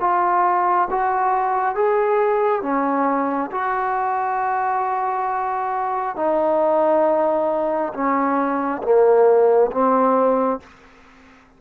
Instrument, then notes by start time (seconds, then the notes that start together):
trombone
0.00 F4
0.90 F#4
1.76 G#4
2.62 C#4
3.51 F#4
6.16 D#4
7.94 C#4
8.83 A#3
9.72 C4